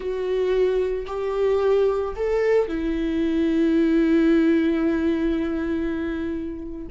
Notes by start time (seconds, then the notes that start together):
0.00 F#4
1.06 G4
2.15 A4
2.68 E4